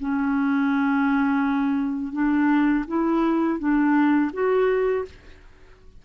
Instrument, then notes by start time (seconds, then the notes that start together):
clarinet
0.00 C#4
2.13 D4
2.88 E4
3.59 D4
4.33 F#4